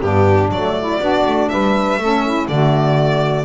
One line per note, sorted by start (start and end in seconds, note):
0.00 0.50 G2
0.00 0.49 B3
0.00 0.75 D4
0.00 0.50 G4
0.50 0.99 F#3
0.50 1.00 A3
0.50 1.48 D5
0.78 1.00 E4
1.00 1.24 B3
1.00 1.98 D4
1.00 1.49 F#4
1.25 1.50 A3
1.48 1.97 G3
1.48 2.00 B4
1.48 2.47 E5
1.97 2.46 A3
1.97 2.49 C#4
1.97 2.25 A4
2.25 2.49 E4
2.48 3.44 D3
2.48 3.44 A3
2.48 3.44 F#4
2.48 3.44 D5